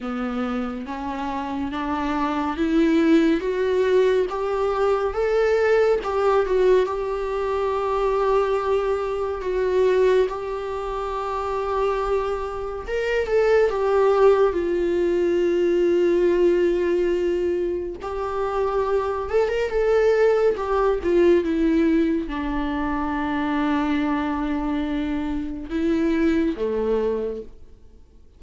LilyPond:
\new Staff \with { instrumentName = "viola" } { \time 4/4 \tempo 4 = 70 b4 cis'4 d'4 e'4 | fis'4 g'4 a'4 g'8 fis'8 | g'2. fis'4 | g'2. ais'8 a'8 |
g'4 f'2.~ | f'4 g'4. a'16 ais'16 a'4 | g'8 f'8 e'4 d'2~ | d'2 e'4 a4 | }